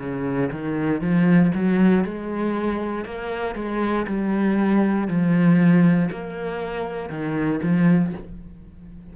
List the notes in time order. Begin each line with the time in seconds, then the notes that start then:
0.00 C#3
0.52 D#3
1.01 F3
1.55 F#3
2.04 G#3
3.06 A#3
3.55 G#3
4.07 G3
5.08 F3
6.12 A#3
7.10 D#3
7.63 F3